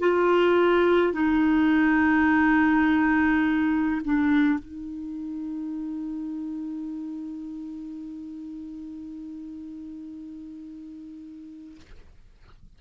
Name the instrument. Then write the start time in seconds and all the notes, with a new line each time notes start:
clarinet
0.00 F4
1.13 D#4
4.05 D4
4.59 D#4